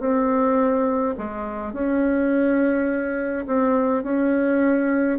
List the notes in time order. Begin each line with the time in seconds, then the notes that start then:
0.00 C4
1.18 G#3
1.73 C#4
3.47 C4
4.04 C#4